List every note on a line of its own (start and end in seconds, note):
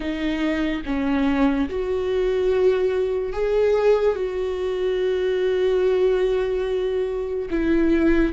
0.00 0.82 D#4
0.85 1.69 C#4
1.69 3.32 F#4
3.32 4.15 G#4
4.15 7.48 F#4
7.50 8.33 E4